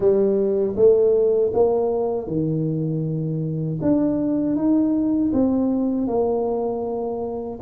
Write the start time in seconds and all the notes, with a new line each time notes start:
0.00 G3
0.76 A3
1.53 A#3
2.27 D#3
3.81 D4
4.56 D#4
5.33 C4
6.07 A#3